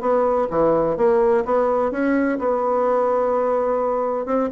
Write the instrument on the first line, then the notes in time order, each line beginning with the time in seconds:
bassoon
0.00 B3
0.50 E3
0.96 A#3
1.45 B3
1.91 C#4
2.39 B3
4.25 C4